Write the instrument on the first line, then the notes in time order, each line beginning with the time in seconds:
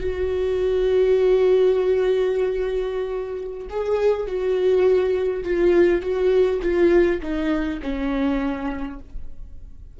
viola
0.00 F#4
3.70 G#4
4.27 F#4
5.44 F4
6.02 F#4
6.62 F4
7.22 D#4
7.82 C#4